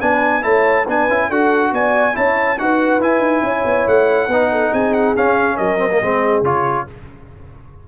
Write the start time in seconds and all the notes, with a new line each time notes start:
0.00 B3 D4 B4 G#5
0.42 A3 E4 C#5 A5
0.86 B3 D4 B4 G#5
1.09 C#4 E4
1.29 D4 F#4 A4 F#5
1.72 B3 D5 G#5
2.14 C#4 E4 C#5 A5
2.58 D#4 F#4 B4 F#5
2.99 E4 G#5
3.19 D#4
3.42 C#4 C#5
3.65 B3
3.87 A3 F#5
4.28 B3 D#4 B4
4.51 A4
4.72 C4 G#4 G#5
4.93 F#5
5.16 C#4 F5
5.56 F#3 A#4 D#5
5.78 C4
5.91 A#3
6.00 G#3 C4 G#4
6.42 C#3 F4 C#5